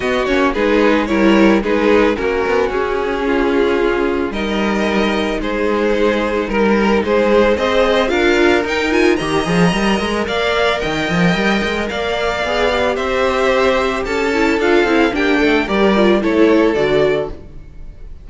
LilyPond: <<
  \new Staff \with { instrumentName = "violin" } { \time 4/4 \tempo 4 = 111 dis''8 cis''8 b'4 cis''4 b'4 | ais'4 gis'2. | dis''2 c''2 | ais'4 c''4 dis''4 f''4 |
g''8 gis''8 ais''2 f''4 | g''2 f''2 | e''2 a''4 f''4 | g''4 d''4 cis''4 d''4 | }
  \new Staff \with { instrumentName = "violin" } { \time 4/4 fis'4 gis'4 ais'4 gis'4 | fis'2 f'2 | ais'2 gis'2 | ais'4 gis'4 c''4 ais'4~ |
ais'4 dis''2 d''4 | dis''2 d''2 | c''2 a'2 | g'8 a'8 ais'4 a'2 | }
  \new Staff \with { instrumentName = "viola" } { \time 4/4 b8 cis'8 dis'4 e'4 dis'4 | cis'1 | dis'1~ | dis'2 gis'4 f'4 |
dis'8 f'8 g'8 gis'8 ais'2~ | ais'2. gis'8 g'8~ | g'2~ g'8 e'8 f'8 e'8 | d'4 g'8 f'8 e'4 fis'4 | }
  \new Staff \with { instrumentName = "cello" } { \time 4/4 b8 ais8 gis4 g4 gis4 | ais8 b8 cis'2. | g2 gis2 | g4 gis4 c'4 d'4 |
dis'4 dis8 f8 g8 gis8 ais4 | dis8 f8 g8 gis8 ais4 b4 | c'2 cis'4 d'8 c'8 | ais8 a8 g4 a4 d4 | }
>>